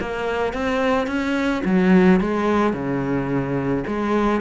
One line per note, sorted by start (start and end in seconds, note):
0.00 0.53 A#3
0.53 1.07 C4
1.07 1.62 C#4
1.65 2.20 F#3
2.20 2.73 G#3
2.73 3.84 C#3
3.87 4.41 G#3